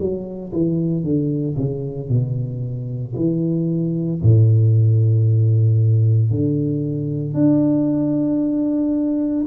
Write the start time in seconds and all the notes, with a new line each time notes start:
0.00 F#3
0.53 E3
1.04 D3
1.57 C#3
2.09 B2
3.16 E3
4.22 A2
6.31 D3
7.34 D4